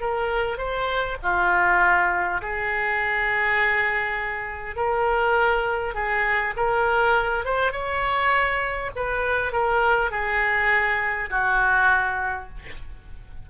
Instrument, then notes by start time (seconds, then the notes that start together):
oboe
0.00 A#4
0.57 C5
1.22 F4
2.41 G#4
4.76 A#4
5.94 G#4
6.56 A#4
7.44 C5
7.72 C#5
8.96 B4
9.52 A#4
10.10 G#4
11.30 F#4